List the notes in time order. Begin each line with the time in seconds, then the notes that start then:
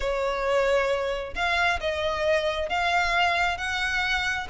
0.00 C#5
1.35 F5
1.80 D#5
2.69 F5
3.57 F#5